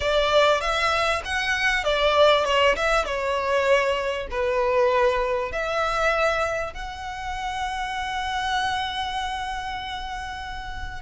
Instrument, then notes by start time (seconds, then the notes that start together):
violin
0.00 D5
0.60 E5
1.24 F#5
1.84 D5
2.45 C#5
2.76 E5
3.05 C#5
4.31 B4
5.52 E5
6.73 F#5